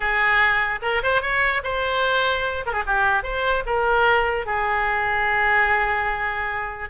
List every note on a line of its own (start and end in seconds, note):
0.00 0.79 G#4
0.82 1.02 A#4
1.02 1.21 C5
1.21 1.62 C#5
1.63 2.65 C5
2.66 2.73 A#4
2.73 2.83 G#4
2.86 3.23 G4
3.23 3.63 C5
3.66 4.46 A#4
4.46 6.89 G#4